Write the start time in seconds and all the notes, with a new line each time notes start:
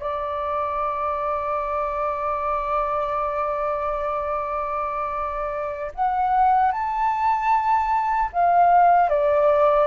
0.00 D5
5.95 F#5
6.72 A5
8.33 F5
9.10 D5